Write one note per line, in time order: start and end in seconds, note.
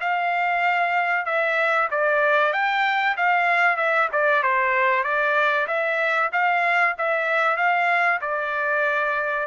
0.00 1.25 F5
1.25 1.89 E5
1.91 2.52 D5
2.52 3.16 G5
3.16 3.76 F5
3.76 4.08 E5
4.12 4.42 D5
4.42 5.03 C5
5.03 5.66 D5
5.67 6.30 E5
6.32 6.96 F5
6.98 7.57 E5
7.57 8.20 F5
8.21 9.47 D5